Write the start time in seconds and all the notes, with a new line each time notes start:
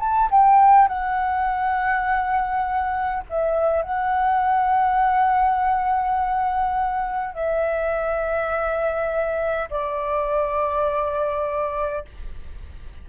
0.00 A5
0.31 G5
0.88 F#5
3.30 E5
3.83 F#5
7.34 E5
9.71 D5